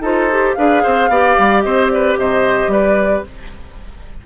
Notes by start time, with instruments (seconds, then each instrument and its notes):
0.00 bassoon D#4, clarinet F4, oboe A4, flute C5
0.31 clarinet G4
0.54 bassoon D4, clarinet G#4, oboe B4, flute F5
0.82 bassoon C4, oboe C5
1.09 bassoon B3, clarinet G4, oboe D5
1.38 bassoon G3
1.61 bassoon C4, oboe C5, flute D#5
1.90 oboe B4, flute D5
2.17 bassoon C3, oboe C5, flute D#5
2.67 bassoon G3, oboe B4, flute D5